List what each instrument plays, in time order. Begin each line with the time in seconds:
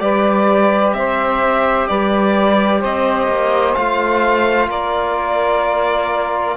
0.00 cello G3, trombone G4, saxophone B4, violin D5
0.94 cello C4, saxophone C5, violin E5
1.88 cello G3, saxophone B4, violin D5
2.80 cello C4, saxophone C5, violin D#5
3.29 cello A#3
3.75 cello A3, trombone F4, violin F5
4.69 cello A#3, saxophone A#4, violin D5